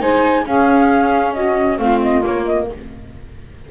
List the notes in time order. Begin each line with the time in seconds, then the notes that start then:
0.00 G#3 D#4 C5 G#5
0.46 C#4 G#4 F5
1.34 F#4 D#5
1.78 A3 C4 F4 F5
2.02 D#5
2.23 A#3 C#5
2.45 D#5